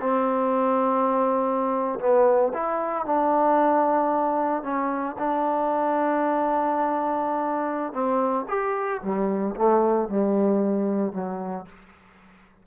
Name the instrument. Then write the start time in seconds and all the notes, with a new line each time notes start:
trombone
0.00 C4
1.99 B3
2.53 E4
3.06 D4
4.62 C#4
5.18 D4
7.92 C4
8.48 G4
9.02 G3
9.55 A3
10.08 G3
11.12 F#3